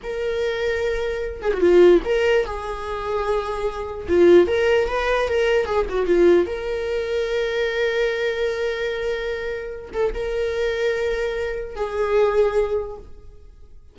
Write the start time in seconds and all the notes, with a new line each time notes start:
0.03 A#4
1.42 G#4
1.53 F#4
1.60 F4
2.05 A#4
2.45 G#4
4.08 F4
4.47 A#4
4.88 B4
5.28 A#4
5.65 G#4
5.89 F#4
6.06 F4
6.46 A#4
9.93 A4
10.14 A#4
11.75 G#4